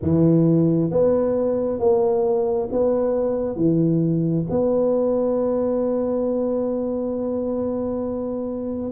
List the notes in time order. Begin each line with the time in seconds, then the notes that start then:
0.02 E3
0.90 B3
1.79 A#3
2.71 B3
3.56 E3
4.49 B3